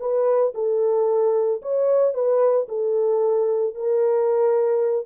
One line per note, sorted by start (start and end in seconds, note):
0.00 0.54 B4
0.54 1.61 A4
1.62 2.14 C#5
2.14 2.67 B4
2.68 3.75 A4
3.75 5.06 A#4